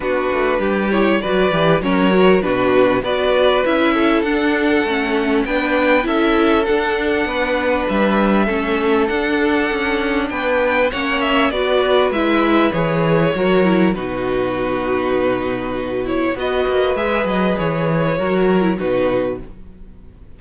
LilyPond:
<<
  \new Staff \with { instrumentName = "violin" } { \time 4/4 \tempo 4 = 99 b'4. cis''8 d''4 cis''4 | b'4 d''4 e''4 fis''4~ | fis''4 g''4 e''4 fis''4~ | fis''4 e''2 fis''4~ |
fis''4 g''4 fis''8 e''8 d''4 | e''4 cis''2 b'4~ | b'2~ b'8 cis''8 dis''4 | e''8 dis''8 cis''2 b'4 | }
  \new Staff \with { instrumentName = "violin" } { \time 4/4 fis'4 g'4 b'4 ais'4 | fis'4 b'4. a'4.~ | a'4 b'4 a'2 | b'2 a'2~ |
a'4 b'4 cis''4 b'4~ | b'2 ais'4 fis'4~ | fis'2. b'4~ | b'2 ais'4 fis'4 | }
  \new Staff \with { instrumentName = "viola" } { \time 4/4 d'4. e'8 fis'8 g'8 cis'8 fis'8 | d'4 fis'4 e'4 d'4 | cis'4 d'4 e'4 d'4~ | d'2 cis'4 d'4~ |
d'2 cis'4 fis'4 | e'4 gis'4 fis'8 e'8 dis'4~ | dis'2~ dis'8 e'8 fis'4 | gis'2 fis'8. e'16 dis'4 | }
  \new Staff \with { instrumentName = "cello" } { \time 4/4 b8 a8 g4 fis8 e8 fis4 | b,4 b4 cis'4 d'4 | a4 b4 cis'4 d'4 | b4 g4 a4 d'4 |
cis'4 b4 ais4 b4 | gis4 e4 fis4 b,4~ | b,2. b8 ais8 | gis8 fis8 e4 fis4 b,4 | }
>>